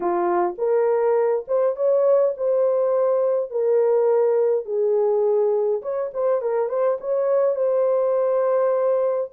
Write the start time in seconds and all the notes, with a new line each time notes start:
0.00 F4
0.57 A#4
1.47 C5
1.76 C#5
2.37 C5
3.50 A#4
4.65 G#4
5.81 C#5
6.13 C5
6.41 A#4
6.68 C5
7.00 C#5
7.55 C5